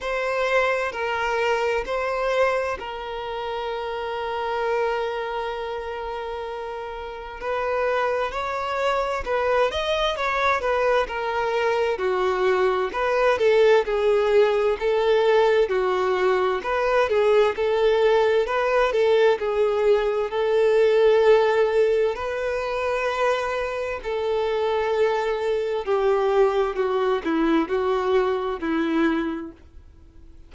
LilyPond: \new Staff \with { instrumentName = "violin" } { \time 4/4 \tempo 4 = 65 c''4 ais'4 c''4 ais'4~ | ais'1 | b'4 cis''4 b'8 dis''8 cis''8 b'8 | ais'4 fis'4 b'8 a'8 gis'4 |
a'4 fis'4 b'8 gis'8 a'4 | b'8 a'8 gis'4 a'2 | b'2 a'2 | g'4 fis'8 e'8 fis'4 e'4 | }